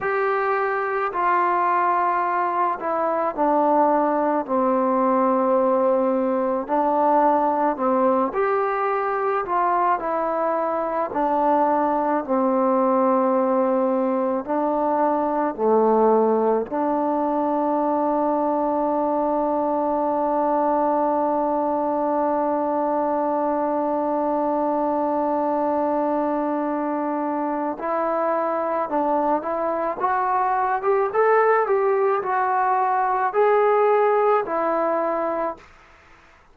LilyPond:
\new Staff \with { instrumentName = "trombone" } { \time 4/4 \tempo 4 = 54 g'4 f'4. e'8 d'4 | c'2 d'4 c'8 g'8~ | g'8 f'8 e'4 d'4 c'4~ | c'4 d'4 a4 d'4~ |
d'1~ | d'1~ | d'4 e'4 d'8 e'8 fis'8. g'16 | a'8 g'8 fis'4 gis'4 e'4 | }